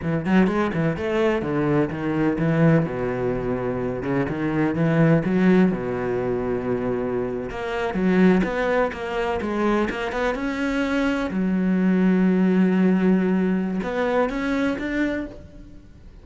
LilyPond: \new Staff \with { instrumentName = "cello" } { \time 4/4 \tempo 4 = 126 e8 fis8 gis8 e8 a4 d4 | dis4 e4 b,2~ | b,8 cis8 dis4 e4 fis4 | b,2.~ b,8. ais16~ |
ais8. fis4 b4 ais4 gis16~ | gis8. ais8 b8 cis'2 fis16~ | fis1~ | fis4 b4 cis'4 d'4 | }